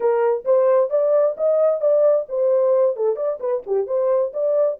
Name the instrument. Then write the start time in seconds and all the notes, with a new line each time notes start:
horn
0.00 A#4
0.44 C5
0.90 D5
1.37 D#5
1.80 D5
2.29 C5
2.96 A4
3.16 D5
3.39 B4
3.66 G4
3.86 C5
4.33 D5